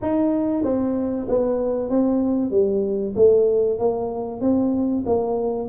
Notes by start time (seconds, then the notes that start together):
0.01 D#4
0.63 C4
1.28 B3
1.89 C4
2.50 G3
3.15 A3
3.78 A#3
4.40 C4
5.06 A#3